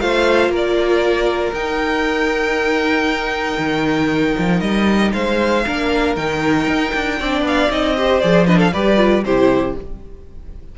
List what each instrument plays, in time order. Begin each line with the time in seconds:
0.00 cello A3, viola F4, violin C5 F5
0.49 cello A#3, violin A#4
0.56 violin D5
1.53 cello D#4, viola D#4, violin G5
3.59 cello D#3
4.38 cello F3
4.60 cello G3, violin D#5
5.13 cello G#3, violin C5 F5
5.66 cello A#3, viola D4, violin A#4
6.16 cello D#3, viola D#4, violin G5
6.68 cello D#4
6.94 cello D4
7.19 cello C4, viola D4, violin D5
7.42 cello B3, violin F5
7.70 cello C4, viola D#4, violin D#5
7.97 viola G4, violin C5
8.20 cello F3, viola G#4, violin D5
8.47 viola D4, violin B4 D#5
8.58 violin A4 F5
8.73 cello G3, viola G4, violin B4 D5
8.97 viola F4
9.24 cello C3, viola E4, violin G4 C5